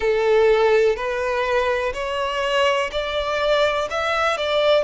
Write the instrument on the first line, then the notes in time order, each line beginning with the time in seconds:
violin
0.00 A4
0.96 B4
1.94 C#5
2.91 D5
3.90 E5
4.37 D5